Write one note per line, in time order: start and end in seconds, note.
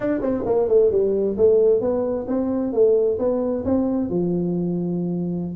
0.00 0.20 D4
0.21 0.43 C4
0.45 0.68 A#3
0.68 0.91 A3
0.91 1.36 G3
1.37 1.81 A3
1.81 2.26 B3
2.27 2.73 C4
2.73 3.18 A3
3.18 3.64 B3
3.64 4.09 C4
4.09 5.55 F3